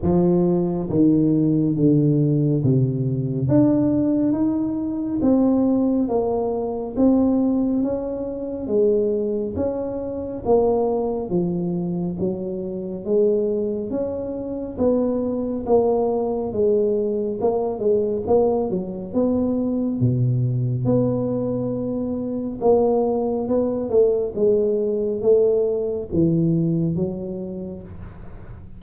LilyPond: \new Staff \with { instrumentName = "tuba" } { \time 4/4 \tempo 4 = 69 f4 dis4 d4 c4 | d'4 dis'4 c'4 ais4 | c'4 cis'4 gis4 cis'4 | ais4 f4 fis4 gis4 |
cis'4 b4 ais4 gis4 | ais8 gis8 ais8 fis8 b4 b,4 | b2 ais4 b8 a8 | gis4 a4 e4 fis4 | }